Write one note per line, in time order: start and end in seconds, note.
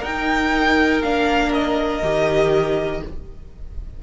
0.00 1.02 D#4
0.00 3.00 A#4
0.00 1.02 G5
1.02 2.02 A#3
1.02 2.02 D4
1.02 1.52 F5
1.52 3.02 D#5
2.02 3.02 D#3
2.02 3.02 G4